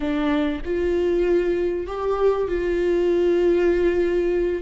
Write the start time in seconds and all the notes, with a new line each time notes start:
0.00 D4
0.64 F4
1.87 G4
2.47 F4